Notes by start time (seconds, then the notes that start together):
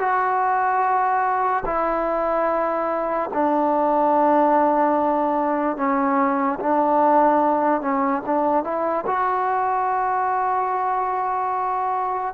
0.00 F#4
1.66 E4
3.34 D4
5.77 C#4
6.60 D4
7.82 C#4
8.26 D4
8.65 E4
9.07 F#4